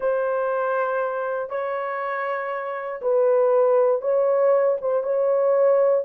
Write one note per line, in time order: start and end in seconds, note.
0.00 1.49 C5
1.49 3.00 C#5
3.01 4.01 B4
4.01 4.77 C#5
4.81 5.03 C5
5.03 6.03 C#5